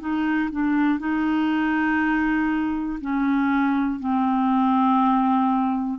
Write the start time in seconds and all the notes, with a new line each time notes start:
0.00 D#4
0.51 D4
0.99 D#4
3.00 C#4
4.00 C4